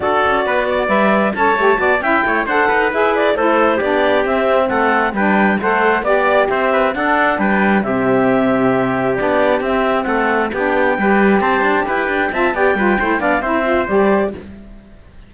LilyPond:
<<
  \new Staff \with { instrumentName = "clarinet" } { \time 4/4 \tempo 4 = 134 d''2 e''4 a''4~ | a''8 g''4 fis''4 e''8 d''8 c''8~ | c''8 d''4 e''4 fis''4 g''8~ | g''8 fis''4 d''4 e''4 fis''8~ |
fis''8 g''4 e''2~ e''8~ | e''8 d''4 e''4 fis''4 g''8~ | g''4. a''4 g''4 a''8 | g''4. f''8 e''4 d''4 | }
  \new Staff \with { instrumentName = "trumpet" } { \time 4/4 a'4 b'8 d''4. cis''4 | d''8 e''8 cis''8 c''8 b'4. a'8~ | a'8 g'2 a'4 b'8~ | b'8 c''4 d''4 c''8 b'8 a'8~ |
a'8 b'4 g'2~ g'8~ | g'2~ g'8 a'4 g'8~ | g'8 b'4 c''4 b'4 e''8 | d''8 b'8 c''8 d''8 c''2 | }
  \new Staff \with { instrumentName = "saxophone" } { \time 4/4 fis'2 b'4 a'8 g'8 | fis'8 e'4 a'4 gis'4 e'8~ | e'8 d'4 c'2 d'8~ | d'8 a'4 g'2 d'8~ |
d'4. c'2~ c'8~ | c'8 d'4 c'2 d'8~ | d'8 g'2. f'8 | g'8 f'8 e'8 d'8 e'8 f'8 g'4 | }
  \new Staff \with { instrumentName = "cello" } { \time 4/4 d'8 cis'8 b4 g4 cis'8 a8 | b8 cis'8 a8 d'8 dis'8 e'4 a8~ | a8 b4 c'4 a4 g8~ | g8 a4 b4 c'4 d'8~ |
d'8 g4 c2~ c8~ | c8 b4 c'4 a4 b8~ | b8 g4 c'8 d'8 e'8 d'8 c'8 | b8 g8 a8 b8 c'4 g4 | }
>>